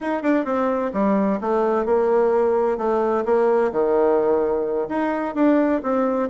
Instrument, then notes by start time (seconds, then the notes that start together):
bassoon
0.01 D#4
0.22 D4
0.44 C4
0.93 G3
1.41 A3
1.85 A#3
2.77 A3
3.25 A#3
3.71 D#3
4.88 D#4
5.34 D4
5.82 C4